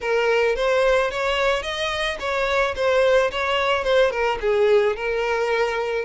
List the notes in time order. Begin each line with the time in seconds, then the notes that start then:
0.01 A#4
0.55 C5
1.10 C#5
1.62 D#5
2.19 C#5
2.75 C5
3.31 C#5
3.84 C5
4.10 A#4
4.40 G#4
4.95 A#4